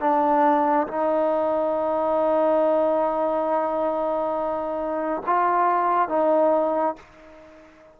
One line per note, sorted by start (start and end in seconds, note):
0.00 0.87 D4
0.87 5.22 D#4
5.26 6.08 F4
6.08 6.95 D#4